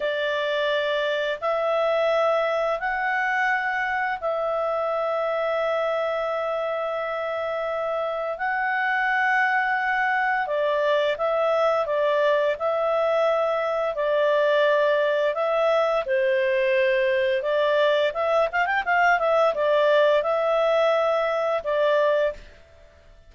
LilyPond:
\new Staff \with { instrumentName = "clarinet" } { \time 4/4 \tempo 4 = 86 d''2 e''2 | fis''2 e''2~ | e''1 | fis''2. d''4 |
e''4 d''4 e''2 | d''2 e''4 c''4~ | c''4 d''4 e''8 f''16 g''16 f''8 e''8 | d''4 e''2 d''4 | }